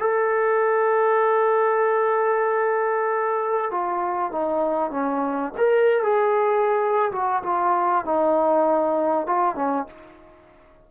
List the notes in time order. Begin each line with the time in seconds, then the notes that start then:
0.00 A4
3.71 F4
4.32 D#4
4.91 C#4
5.58 A#4
6.03 G#4
7.12 F#4
7.43 F4
8.05 D#4
9.27 F4
9.56 C#4